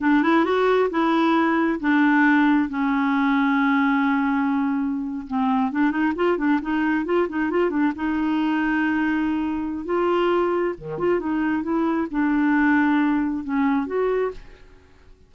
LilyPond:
\new Staff \with { instrumentName = "clarinet" } { \time 4/4 \tempo 4 = 134 d'8 e'8 fis'4 e'2 | d'2 cis'2~ | cis'2.~ cis'8. c'16~ | c'8. d'8 dis'8 f'8 d'8 dis'4 f'16~ |
f'16 dis'8 f'8 d'8 dis'2~ dis'16~ | dis'2 f'2 | dis8 f'8 dis'4 e'4 d'4~ | d'2 cis'4 fis'4 | }